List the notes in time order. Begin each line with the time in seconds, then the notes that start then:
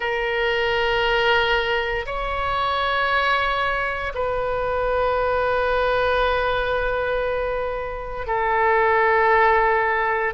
0.00 A#4
2.05 C#5
4.14 B4
8.26 A4